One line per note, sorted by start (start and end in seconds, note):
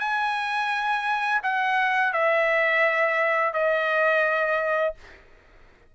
0.00 1.41 G#5
1.43 2.13 F#5
2.13 3.54 E5
3.54 4.95 D#5